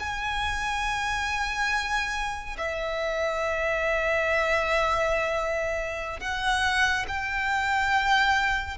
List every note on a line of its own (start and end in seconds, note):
0.00 2.57 G#5
2.58 6.20 E5
6.20 7.06 F#5
7.08 8.78 G5